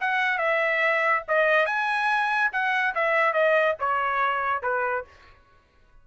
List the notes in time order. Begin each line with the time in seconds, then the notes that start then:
0.00 F#5
0.38 E5
1.28 D#5
1.66 G#5
2.52 F#5
2.94 E5
3.33 D#5
3.79 C#5
4.62 B4